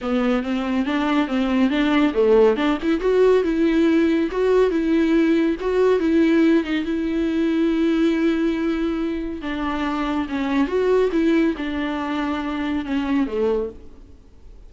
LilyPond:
\new Staff \with { instrumentName = "viola" } { \time 4/4 \tempo 4 = 140 b4 c'4 d'4 c'4 | d'4 a4 d'8 e'8 fis'4 | e'2 fis'4 e'4~ | e'4 fis'4 e'4. dis'8 |
e'1~ | e'2 d'2 | cis'4 fis'4 e'4 d'4~ | d'2 cis'4 a4 | }